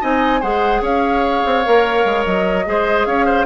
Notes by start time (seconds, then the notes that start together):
0.00 C4 D#4 D#5 G#5
0.41 G#3 G#4 C5 F#5
0.81 C#4 C#5 F5
1.46 C4
1.65 A#3 A#4
2.05 G#3
2.25 F#3 D#5
2.66 G#3 G#4 C5
3.06 C#4 C#5 F5
3.26 C5